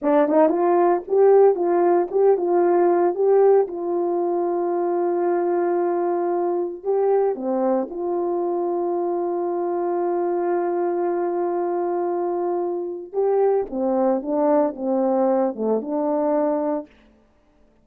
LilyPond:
\new Staff \with { instrumentName = "horn" } { \time 4/4 \tempo 4 = 114 d'8 dis'8 f'4 g'4 f'4 | g'8 f'4. g'4 f'4~ | f'1~ | f'4 g'4 c'4 f'4~ |
f'1~ | f'1~ | f'4 g'4 c'4 d'4 | c'4. a8 d'2 | }